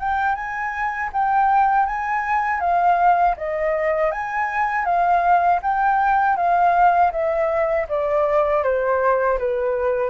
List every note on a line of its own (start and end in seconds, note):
0.00 0.35 G5
0.35 1.10 G#5
1.13 1.87 G5
1.87 2.61 G#5
2.61 3.36 F5
3.38 4.12 D#5
4.12 4.85 G#5
4.85 5.60 F5
5.63 6.37 G5
6.37 7.12 F5
7.12 7.87 E5
7.89 8.64 D5
8.64 9.39 C5
9.39 10.10 B4